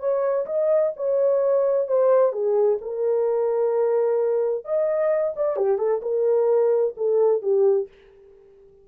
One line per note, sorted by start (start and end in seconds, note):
0.00 0.46 C#5
0.47 0.93 D#5
0.97 1.88 C#5
1.88 2.33 C5
2.33 2.79 G#4
2.82 4.65 A#4
4.65 5.35 D#5
5.36 5.57 D5
5.57 5.78 G4
5.78 6.01 A4
6.03 6.95 A#4
6.97 7.42 A4
7.42 7.88 G4